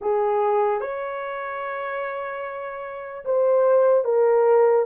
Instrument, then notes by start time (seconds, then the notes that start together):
horn
0.01 G#4
0.81 C#5
3.24 C5
4.04 A#4